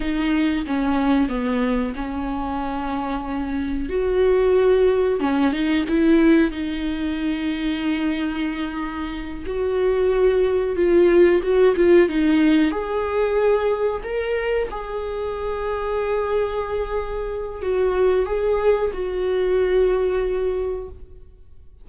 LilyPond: \new Staff \with { instrumentName = "viola" } { \time 4/4 \tempo 4 = 92 dis'4 cis'4 b4 cis'4~ | cis'2 fis'2 | cis'8 dis'8 e'4 dis'2~ | dis'2~ dis'8 fis'4.~ |
fis'8 f'4 fis'8 f'8 dis'4 gis'8~ | gis'4. ais'4 gis'4.~ | gis'2. fis'4 | gis'4 fis'2. | }